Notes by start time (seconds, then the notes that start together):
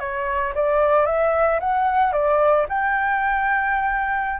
0.00 C#5
0.55 D5
1.06 E5
1.60 F#5
2.13 D5
2.69 G5